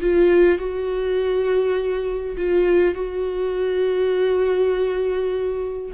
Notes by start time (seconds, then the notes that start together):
0.00 F4
0.58 F#4
2.36 F4
2.94 F#4